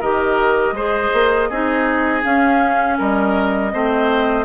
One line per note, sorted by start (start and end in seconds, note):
0.00 0.72 D#3
0.00 0.76 G4
0.00 0.74 A#4
0.00 2.23 D#5
0.72 1.09 G#3
0.72 1.50 G#4
0.72 1.49 C5
1.13 1.49 A#3
1.49 2.23 C4
1.49 2.22 D#4
1.49 2.97 G#4
2.22 3.71 C#4
2.22 2.99 C#4
2.22 2.98 F5
2.98 3.74 G3
2.98 3.72 A#4
2.98 4.45 D#5
3.72 4.45 A3
3.72 4.45 C4
3.72 4.45 C5